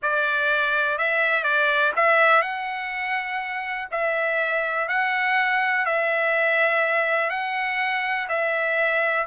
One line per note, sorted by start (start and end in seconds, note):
0.02 0.98 D5
0.98 1.43 E5
1.43 1.92 D5
1.96 2.41 E5
2.41 3.88 F#5
3.91 4.88 E5
4.88 5.85 F#5
5.85 7.30 E5
7.30 8.27 F#5
8.28 9.26 E5